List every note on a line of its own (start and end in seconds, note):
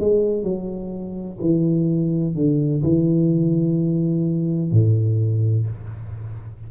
0.00 0.44 G#3
0.44 1.39 F#3
1.41 2.35 E3
2.35 2.83 D3
2.84 4.72 E3
4.72 5.67 A2